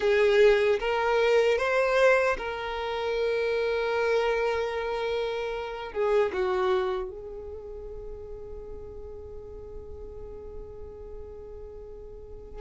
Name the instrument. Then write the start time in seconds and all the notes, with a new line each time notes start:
violin
0.00 G#4
0.79 A#4
1.58 C5
2.37 A#4
5.92 G#4
6.33 F#4
7.10 G#4